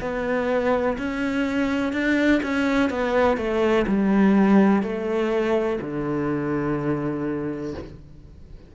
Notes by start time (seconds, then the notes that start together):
0.00 B3
0.98 C#4
1.93 D4
2.42 C#4
2.90 B3
3.37 A3
3.87 G3
4.82 A3
5.81 D3